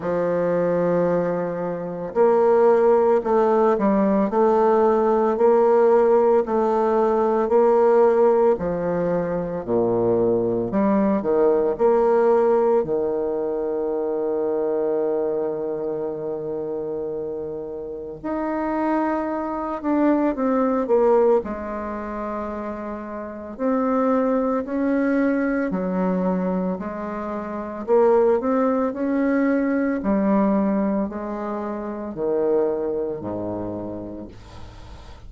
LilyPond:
\new Staff \with { instrumentName = "bassoon" } { \time 4/4 \tempo 4 = 56 f2 ais4 a8 g8 | a4 ais4 a4 ais4 | f4 ais,4 g8 dis8 ais4 | dis1~ |
dis4 dis'4. d'8 c'8 ais8 | gis2 c'4 cis'4 | fis4 gis4 ais8 c'8 cis'4 | g4 gis4 dis4 gis,4 | }